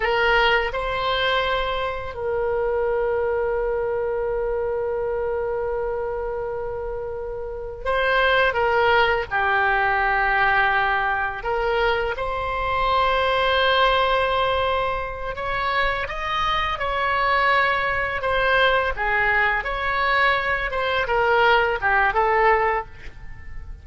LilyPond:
\new Staff \with { instrumentName = "oboe" } { \time 4/4 \tempo 4 = 84 ais'4 c''2 ais'4~ | ais'1~ | ais'2. c''4 | ais'4 g'2. |
ais'4 c''2.~ | c''4. cis''4 dis''4 cis''8~ | cis''4. c''4 gis'4 cis''8~ | cis''4 c''8 ais'4 g'8 a'4 | }